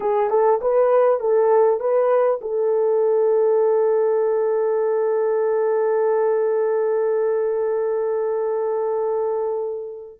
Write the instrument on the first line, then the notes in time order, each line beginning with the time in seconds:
horn
0.00 G#4
0.30 A4
0.61 B4
1.20 A4
1.79 B4
2.41 A4